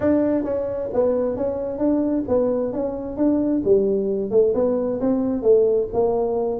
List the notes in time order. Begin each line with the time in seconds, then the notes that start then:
0.00 D4
0.44 C#4
0.93 B3
1.36 C#4
1.78 D4
2.28 B3
2.72 C#4
3.16 D4
3.65 G3
4.31 A3
4.54 B3
5.00 C4
5.42 A3
5.93 A#3